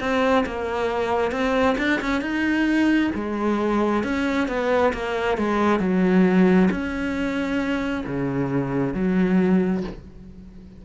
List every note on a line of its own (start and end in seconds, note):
0.00 0.45 C4
0.46 1.31 A#3
1.31 1.76 C4
1.78 2.00 D4
2.01 2.21 C#4
2.21 3.11 D#4
3.15 4.03 G#3
4.03 4.48 C#4
4.48 4.93 B3
4.93 5.37 A#3
5.37 5.80 G#3
5.80 6.69 F#3
6.70 8.05 C#4
8.06 8.94 C#3
8.94 9.83 F#3